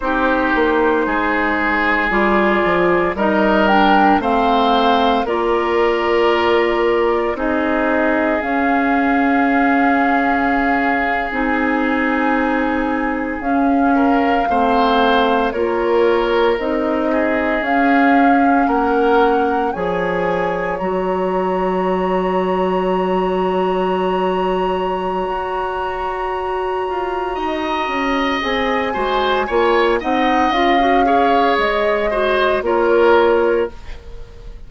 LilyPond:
<<
  \new Staff \with { instrumentName = "flute" } { \time 4/4 \tempo 4 = 57 c''2 d''4 dis''8 g''8 | f''4 d''2 dis''4 | f''2~ f''8. gis''4~ gis''16~ | gis''8. f''2 cis''4 dis''16~ |
dis''8. f''4 fis''4 gis''4 ais''16~ | ais''1~ | ais''2. gis''4~ | gis''8 fis''8 f''4 dis''4 cis''4 | }
  \new Staff \with { instrumentName = "oboe" } { \time 4/4 g'4 gis'2 ais'4 | c''4 ais'2 gis'4~ | gis'1~ | gis'4~ gis'16 ais'8 c''4 ais'4~ ais'16~ |
ais'16 gis'4. ais'4 cis''4~ cis''16~ | cis''1~ | cis''2 dis''4. c''8 | cis''8 dis''4 cis''4 c''8 ais'4 | }
  \new Staff \with { instrumentName = "clarinet" } { \time 4/4 dis'2 f'4 dis'8 d'8 | c'4 f'2 dis'4 | cis'2~ cis'8. dis'4~ dis'16~ | dis'8. cis'4 c'4 f'4 dis'16~ |
dis'8. cis'2 gis'4 fis'16~ | fis'1~ | fis'2. gis'8 fis'8 | f'8 dis'8 f'16 fis'16 gis'4 fis'8 f'4 | }
  \new Staff \with { instrumentName = "bassoon" } { \time 4/4 c'8 ais8 gis4 g8 f8 g4 | a4 ais2 c'4 | cis'2~ cis'8. c'4~ c'16~ | c'8. cis'4 a4 ais4 c'16~ |
c'8. cis'4 ais4 f4 fis16~ | fis1 | fis'4. f'8 dis'8 cis'8 c'8 gis8 | ais8 c'8 cis'4 gis4 ais4 | }
>>